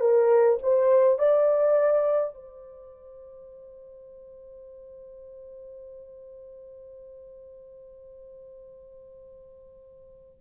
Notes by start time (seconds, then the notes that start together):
0.00 A#4
0.62 C5
1.19 D5
2.34 C5